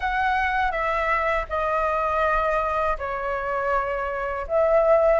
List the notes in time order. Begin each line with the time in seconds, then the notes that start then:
0.00 F#5
0.71 E5
1.48 D#5
2.98 C#5
4.47 E5